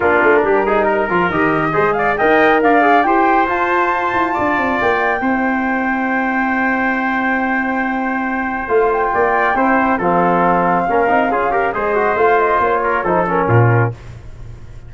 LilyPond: <<
  \new Staff \with { instrumentName = "flute" } { \time 4/4 \tempo 4 = 138 ais'2. dis''4~ | dis''8 f''8 g''4 f''4 g''4 | a''2. g''4~ | g''1~ |
g''1 | f''8 g''2~ g''8 f''4~ | f''2. dis''4 | f''8 dis''8 cis''4 c''8 ais'4. | }
  \new Staff \with { instrumentName = "trumpet" } { \time 4/4 f'4 g'8 gis'8 ais'2 | c''8 d''8 dis''4 d''4 c''4~ | c''2 d''2 | c''1~ |
c''1~ | c''4 d''4 c''4 a'4~ | a'4 ais'4 gis'8 ais'8 c''4~ | c''4. ais'8 a'4 f'4 | }
  \new Staff \with { instrumentName = "trombone" } { \time 4/4 d'4. dis'4 f'8 g'4 | gis'4 ais'4. gis'8 g'4 | f'1 | e'1~ |
e'1 | f'2 e'4 c'4~ | c'4 cis'8 dis'8 f'8 g'8 gis'8 fis'8 | f'2 dis'8 cis'4. | }
  \new Staff \with { instrumentName = "tuba" } { \time 4/4 ais8 a8 g4. f8 dis4 | gis4 dis'4 d'4 e'4 | f'4. e'8 d'8 c'8 ais4 | c'1~ |
c'1 | a4 ais4 c'4 f4~ | f4 ais8 c'8 cis'4 gis4 | a4 ais4 f4 ais,4 | }
>>